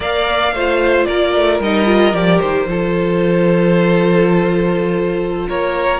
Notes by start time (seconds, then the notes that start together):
0.00 A#3 A#4 D5 F5
0.52 A3 F4 C5
1.05 A#3 A#4 D5
1.35 A3
1.59 G3 D#4 D#5
1.85 F4
2.13 F3 G4 D5
2.40 D#3 C5
2.66 F3 F4 A4
5.48 A#3 A#4 C#5